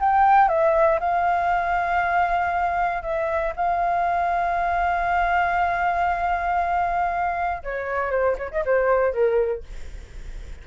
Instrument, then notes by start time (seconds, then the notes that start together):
flute
0.00 G5
0.49 E5
1.00 F5
3.03 E5
3.56 F5
7.63 C#5
8.11 C5
8.39 C#5
8.51 D#5
8.66 C5
9.13 A#4